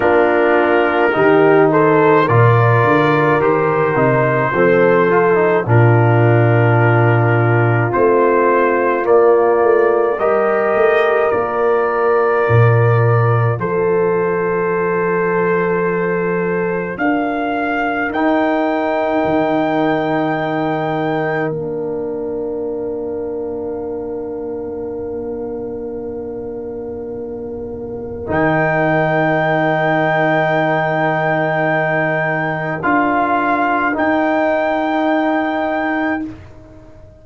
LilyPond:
<<
  \new Staff \with { instrumentName = "trumpet" } { \time 4/4 \tempo 4 = 53 ais'4. c''8 d''4 c''4~ | c''4 ais'2 c''4 | d''4 dis''4 d''2 | c''2. f''4 |
g''2. f''4~ | f''1~ | f''4 g''2.~ | g''4 f''4 g''2 | }
  \new Staff \with { instrumentName = "horn" } { \time 4/4 f'4 g'8 a'8 ais'2 | a'4 f'2.~ | f'4 ais'2. | a'2. ais'4~ |
ais'1~ | ais'1~ | ais'1~ | ais'1 | }
  \new Staff \with { instrumentName = "trombone" } { \time 4/4 d'4 dis'4 f'4 g'8 dis'8 | c'8 f'16 dis'16 d'2 c'4 | ais4 g'4 f'2~ | f'1 |
dis'2. d'4~ | d'1~ | d'4 dis'2.~ | dis'4 f'4 dis'2 | }
  \new Staff \with { instrumentName = "tuba" } { \time 4/4 ais4 dis4 ais,8 d8 dis8 c8 | f4 ais,2 a4 | ais8 a8 g8 a8 ais4 ais,4 | f2. d'4 |
dis'4 dis2 ais4~ | ais1~ | ais4 dis2.~ | dis4 d'4 dis'2 | }
>>